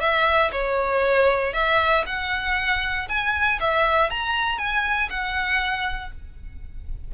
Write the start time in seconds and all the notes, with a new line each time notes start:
0.00 E5
0.51 C#5
1.53 E5
2.06 F#5
3.08 G#5
3.60 E5
4.10 A#5
4.58 G#5
5.09 F#5